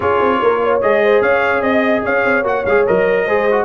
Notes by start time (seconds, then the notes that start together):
0.00 C#4 F4 G#4 C#5
0.20 C4
0.41 A#3 A#4
0.63 C#5
0.81 G#3 G#4 D#5
1.03 C5
1.21 C#4 C#5 F5
1.60 C4 D#5
2.04 C#4 C#5 F5
2.24 C4
2.43 A#3 F#4 F#5
2.65 G#3 G#4 F5
2.87 F#3 A#4 D#5
3.25 G#3 G#4 C5
3.51 F#4